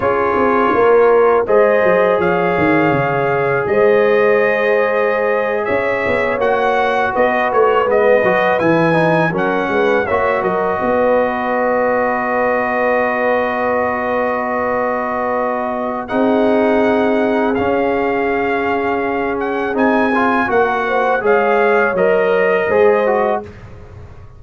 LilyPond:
<<
  \new Staff \with { instrumentName = "trumpet" } { \time 4/4 \tempo 4 = 82 cis''2 dis''4 f''4~ | f''4 dis''2~ dis''8. e''16~ | e''8. fis''4 dis''8 cis''8 dis''4 gis''16~ | gis''8. fis''4 e''8 dis''4.~ dis''16~ |
dis''1~ | dis''2 fis''2 | f''2~ f''8 fis''8 gis''4 | fis''4 f''4 dis''2 | }
  \new Staff \with { instrumentName = "horn" } { \time 4/4 gis'4 ais'4 c''4 cis''4~ | cis''4 c''2~ c''8. cis''16~ | cis''4.~ cis''16 b'2~ b'16~ | b'8. ais'8 b'8 cis''8 ais'8 b'4~ b'16~ |
b'1~ | b'2 gis'2~ | gis'1 | ais'8 c''8 cis''2 c''4 | }
  \new Staff \with { instrumentName = "trombone" } { \time 4/4 f'2 gis'2~ | gis'1~ | gis'8. fis'2 b8 fis'8 e'16~ | e'16 dis'8 cis'4 fis'2~ fis'16~ |
fis'1~ | fis'2 dis'2 | cis'2. dis'8 f'8 | fis'4 gis'4 ais'4 gis'8 fis'8 | }
  \new Staff \with { instrumentName = "tuba" } { \time 4/4 cis'8 c'8 ais4 gis8 fis8 f8 dis8 | cis4 gis2~ gis8. cis'16~ | cis'16 b8 ais4 b8 a8 gis8 fis8 e16~ | e8. fis8 gis8 ais8 fis8 b4~ b16~ |
b1~ | b2 c'2 | cis'2. c'4 | ais4 gis4 fis4 gis4 | }
>>